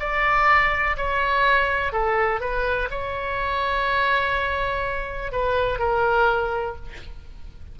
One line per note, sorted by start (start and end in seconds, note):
0.00 0.97 D5
0.97 1.93 C#5
1.93 2.41 A4
2.41 2.89 B4
2.91 5.32 C#5
5.32 5.79 B4
5.79 6.76 A#4